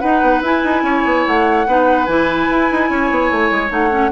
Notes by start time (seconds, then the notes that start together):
0.00 D#4 B4 F#5
0.22 B3
0.42 E4 G#5
0.64 D#4
0.83 C#4 C#5
1.05 B3
1.27 A3 F#5
1.67 B3 D#4 B4
2.06 E3 E4 G#5
2.50 E4
2.71 D#4
2.90 C#4 C#5
3.11 B3
3.32 A3
3.51 G#3
3.70 A3 D#4 F#5
3.91 C#4